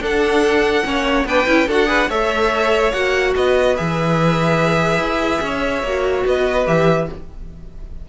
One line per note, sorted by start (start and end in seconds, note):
0.00 0.83 D4
0.00 0.85 D4
0.00 0.85 A4
0.00 1.28 F#5
0.85 1.25 A#3
0.85 1.26 C#4
0.85 1.27 C#5
1.25 1.46 B3
1.25 1.46 D4
1.25 1.68 B4
1.25 1.69 G5
1.46 1.68 C#4
1.46 1.67 E4
1.68 2.10 D4
1.68 1.87 F#4
1.68 1.88 A4
1.68 2.11 F#5
1.87 2.07 G#4
1.87 2.09 B4
2.09 2.93 A3
2.09 2.94 A4
2.09 3.34 C#5
2.09 2.92 E5
2.92 3.35 A#3
2.92 3.76 F#4
2.92 3.34 F#5
3.36 3.79 B3
3.36 5.44 B4
3.36 3.77 D#5
3.76 4.99 E3
3.76 5.85 G#4
3.76 6.27 E5
4.99 5.41 E4
5.42 5.83 C#4
5.42 6.26 C#5
5.83 6.25 A#3
5.83 6.66 F#4
6.26 6.67 B3
6.26 7.10 B4
6.26 6.68 D#5
6.66 7.09 E3
6.66 7.08 G4
6.66 7.09 E5